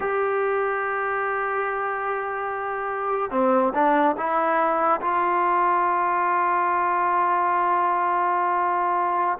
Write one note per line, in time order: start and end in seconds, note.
0.00 3.31 G4
3.31 3.72 C4
3.74 4.16 D4
4.17 5.00 E4
5.01 9.38 F4